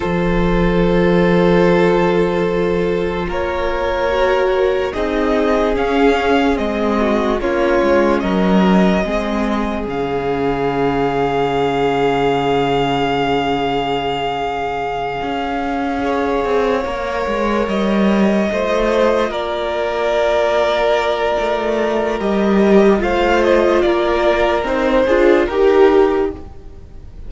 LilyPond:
<<
  \new Staff \with { instrumentName = "violin" } { \time 4/4 \tempo 4 = 73 c''1 | cis''2 dis''4 f''4 | dis''4 cis''4 dis''2 | f''1~ |
f''1~ | f''4. dis''2 d''8~ | d''2. dis''4 | f''8 dis''8 d''4 c''4 ais'4 | }
  \new Staff \with { instrumentName = "violin" } { \time 4/4 a'1 | ais'2 gis'2~ | gis'8 fis'8 f'4 ais'4 gis'4~ | gis'1~ |
gis'2.~ gis'8 cis''8~ | cis''2~ cis''8 c''4 ais'8~ | ais'1 | c''4 ais'4. gis'8 g'4 | }
  \new Staff \with { instrumentName = "viola" } { \time 4/4 f'1~ | f'4 fis'4 dis'4 cis'4 | c'4 cis'2 c'4 | cis'1~ |
cis'2.~ cis'8 gis'8~ | gis'8 ais'2 f'4.~ | f'2. g'4 | f'2 dis'8 f'8 g'4 | }
  \new Staff \with { instrumentName = "cello" } { \time 4/4 f1 | ais2 c'4 cis'4 | gis4 ais8 gis8 fis4 gis4 | cis1~ |
cis2~ cis8 cis'4. | c'8 ais8 gis8 g4 a4 ais8~ | ais2 a4 g4 | a4 ais4 c'8 d'8 dis'4 | }
>>